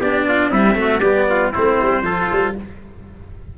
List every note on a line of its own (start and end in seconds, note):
0.00 0.50 B3
0.00 0.53 D4
0.00 0.26 G4
0.00 0.52 D5
0.28 0.51 F4
0.50 0.75 G3
0.50 1.00 C4
0.50 0.76 E4
0.50 1.00 E5
0.75 1.00 A3
0.75 1.01 F#4
1.00 1.51 G3
1.00 1.54 B3
1.00 1.26 G4
1.00 1.51 D5
1.30 1.52 F4
1.52 1.82 A3
1.52 2.04 C4
1.52 2.03 E4
1.52 2.56 C5
1.82 2.02 G3
2.02 2.27 F3
2.02 2.55 F4
2.02 2.56 A4
2.32 2.58 G3